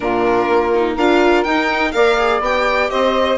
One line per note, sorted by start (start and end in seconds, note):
0.00 0.48 A#2
0.00 0.71 D4
0.00 0.94 F4
0.00 0.95 A#4
0.48 0.96 A#3
0.74 0.98 D#4
0.94 1.45 D4
0.94 1.45 F4
0.94 1.90 A#4
0.94 1.43 F5
1.43 1.94 D#4
1.43 1.91 G5
1.91 2.40 A#3
1.91 2.18 A#4
1.91 2.90 D5
1.91 2.40 F5
2.18 2.42 G#4
2.40 2.88 B3
2.40 3.38 G4
2.40 2.90 G5
2.90 3.38 C4
2.90 3.38 C5
2.90 3.38 D#5